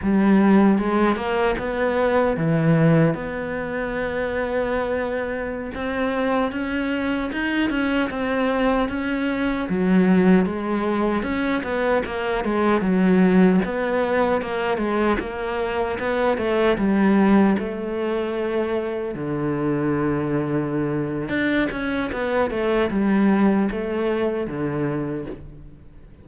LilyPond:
\new Staff \with { instrumentName = "cello" } { \time 4/4 \tempo 4 = 76 g4 gis8 ais8 b4 e4 | b2.~ b16 c'8.~ | c'16 cis'4 dis'8 cis'8 c'4 cis'8.~ | cis'16 fis4 gis4 cis'8 b8 ais8 gis16~ |
gis16 fis4 b4 ais8 gis8 ais8.~ | ais16 b8 a8 g4 a4.~ a16~ | a16 d2~ d8. d'8 cis'8 | b8 a8 g4 a4 d4 | }